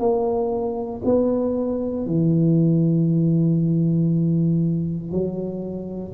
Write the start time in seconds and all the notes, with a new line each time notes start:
0.00 A#3
1.05 B3
2.07 E3
5.12 F#3